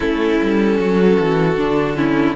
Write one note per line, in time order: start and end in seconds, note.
0.00 0.40 A3
0.00 1.57 C#4
0.00 0.77 E4
0.00 2.35 A4
0.41 0.78 G3
0.78 1.18 F#3
0.78 1.97 F#4
1.19 1.57 E3
1.57 2.36 D3
1.57 1.96 D4
1.96 2.35 C#4
1.96 2.36 E4